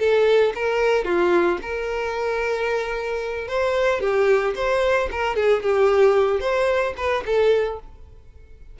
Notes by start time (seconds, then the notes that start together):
0.00 A4
0.55 A#4
1.05 F4
1.62 A#4
3.48 C5
4.01 G4
4.56 C5
5.12 A#4
5.36 G#4
5.63 G4
6.41 C5
6.97 B4
7.26 A4